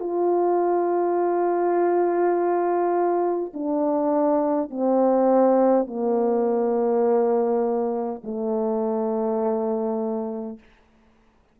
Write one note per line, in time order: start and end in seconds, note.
0.00 3.53 F4
3.54 4.70 D4
4.70 5.87 C4
5.87 8.22 A#3
8.24 10.59 A3